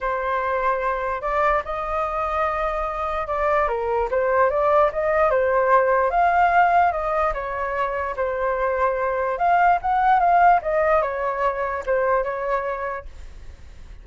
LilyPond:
\new Staff \with { instrumentName = "flute" } { \time 4/4 \tempo 4 = 147 c''2. d''4 | dis''1 | d''4 ais'4 c''4 d''4 | dis''4 c''2 f''4~ |
f''4 dis''4 cis''2 | c''2. f''4 | fis''4 f''4 dis''4 cis''4~ | cis''4 c''4 cis''2 | }